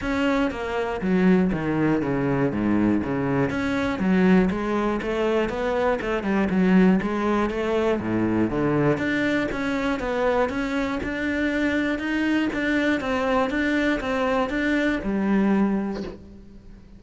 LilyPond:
\new Staff \with { instrumentName = "cello" } { \time 4/4 \tempo 4 = 120 cis'4 ais4 fis4 dis4 | cis4 gis,4 cis4 cis'4 | fis4 gis4 a4 b4 | a8 g8 fis4 gis4 a4 |
a,4 d4 d'4 cis'4 | b4 cis'4 d'2 | dis'4 d'4 c'4 d'4 | c'4 d'4 g2 | }